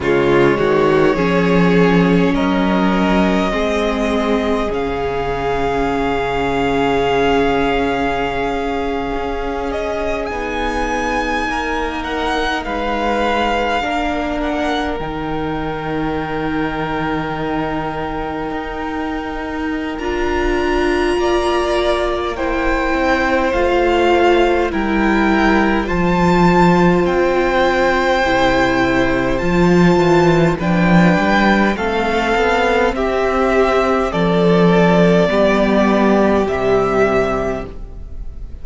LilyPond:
<<
  \new Staff \with { instrumentName = "violin" } { \time 4/4 \tempo 4 = 51 cis''2 dis''2 | f''1~ | f''16 dis''8 gis''4. fis''8 f''4~ f''16~ | f''16 fis''8 g''2.~ g''16~ |
g''4 ais''2 g''4 | f''4 g''4 a''4 g''4~ | g''4 a''4 g''4 f''4 | e''4 d''2 e''4 | }
  \new Staff \with { instrumentName = "violin" } { \time 4/4 f'8 fis'8 gis'4 ais'4 gis'4~ | gis'1~ | gis'4.~ gis'16 ais'4 b'4 ais'16~ | ais'1~ |
ais'2 d''4 c''4~ | c''4 ais'4 c''2~ | c''2 b'4 a'4 | g'4 a'4 g'2 | }
  \new Staff \with { instrumentName = "viola" } { \time 4/4 gis4 cis'2 c'4 | cis'1~ | cis'8. dis'2. d'16~ | d'8. dis'2.~ dis'16~ |
dis'4 f'2 e'4 | f'4 e'4 f'2 | e'4 f'4 d'4 c'4~ | c'2 b4 g4 | }
  \new Staff \with { instrumentName = "cello" } { \time 4/4 cis8 dis8 f4 fis4 gis4 | cis2.~ cis8. cis'16~ | cis'8. b4 ais4 gis4 ais16~ | ais8. dis2. dis'16~ |
dis'4 d'4 ais4. c'8 | a4 g4 f4 c'4 | c4 f8 e8 f8 g8 a8 b8 | c'4 f4 g4 c4 | }
>>